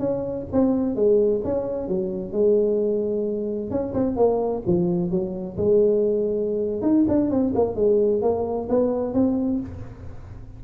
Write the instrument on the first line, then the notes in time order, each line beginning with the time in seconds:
tuba
0.00 C#4
0.53 C4
0.96 G#3
1.45 C#4
1.89 F#3
2.33 G#3
3.71 C#4
3.94 C4
4.17 A#3
4.67 F3
5.11 F#3
5.57 G#3
6.82 D#4
7.09 D4
7.31 C4
7.55 A#3
7.76 G#3
8.22 A#3
8.70 B3
9.14 C4